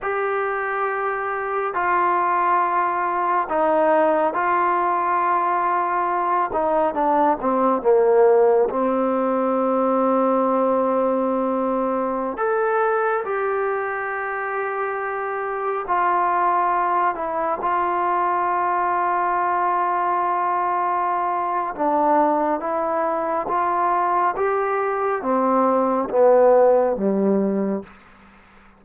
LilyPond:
\new Staff \with { instrumentName = "trombone" } { \time 4/4 \tempo 4 = 69 g'2 f'2 | dis'4 f'2~ f'8 dis'8 | d'8 c'8 ais4 c'2~ | c'2~ c'16 a'4 g'8.~ |
g'2~ g'16 f'4. e'16~ | e'16 f'2.~ f'8.~ | f'4 d'4 e'4 f'4 | g'4 c'4 b4 g4 | }